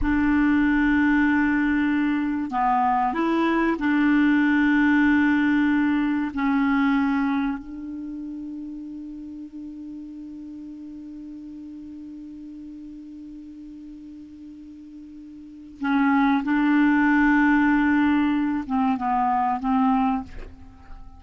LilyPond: \new Staff \with { instrumentName = "clarinet" } { \time 4/4 \tempo 4 = 95 d'1 | b4 e'4 d'2~ | d'2 cis'2 | d'1~ |
d'1~ | d'1~ | d'4 cis'4 d'2~ | d'4. c'8 b4 c'4 | }